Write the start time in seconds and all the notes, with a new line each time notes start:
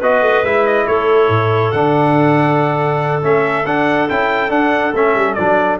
0.00 B3 F#4 B4 D#5
0.22 A3
0.43 G#3 E4 E5
0.66 D#5
0.87 A3 A4 C#5
1.28 A2
1.71 D3 D4 F#5
3.22 A3 C#4 E5
3.66 D4 F#5
4.09 C#4 E4 G5
4.49 D4 F#5
4.94 A3 C#4 E5
5.14 G3
5.34 F#3 D4 D5